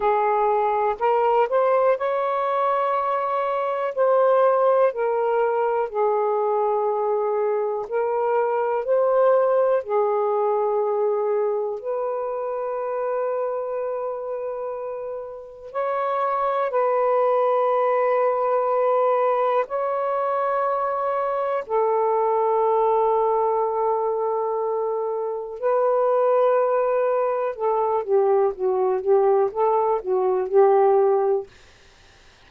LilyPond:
\new Staff \with { instrumentName = "saxophone" } { \time 4/4 \tempo 4 = 61 gis'4 ais'8 c''8 cis''2 | c''4 ais'4 gis'2 | ais'4 c''4 gis'2 | b'1 |
cis''4 b'2. | cis''2 a'2~ | a'2 b'2 | a'8 g'8 fis'8 g'8 a'8 fis'8 g'4 | }